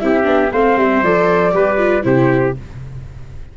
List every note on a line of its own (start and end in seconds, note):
0.00 0.26 C4
0.00 0.23 E4
0.00 0.52 G4
0.00 0.51 E5
0.23 0.51 B3
0.23 0.49 D4
0.52 0.77 A3
0.52 1.04 C4
0.52 1.54 C5
0.52 0.78 F5
0.77 1.02 G3
0.77 1.03 E5
1.03 1.54 F3
1.03 1.52 A4
1.03 2.04 D5
1.52 2.05 G3
1.52 1.77 G4
1.52 2.05 B4
1.78 2.03 F4
2.03 2.56 C3
2.03 2.53 E4
2.03 2.57 G4
2.03 2.55 C5